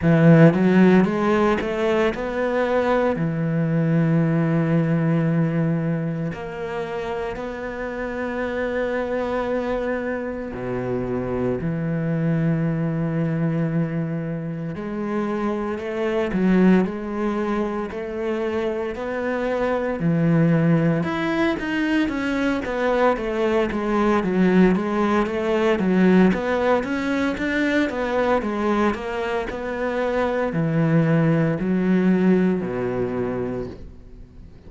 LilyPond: \new Staff \with { instrumentName = "cello" } { \time 4/4 \tempo 4 = 57 e8 fis8 gis8 a8 b4 e4~ | e2 ais4 b4~ | b2 b,4 e4~ | e2 gis4 a8 fis8 |
gis4 a4 b4 e4 | e'8 dis'8 cis'8 b8 a8 gis8 fis8 gis8 | a8 fis8 b8 cis'8 d'8 b8 gis8 ais8 | b4 e4 fis4 b,4 | }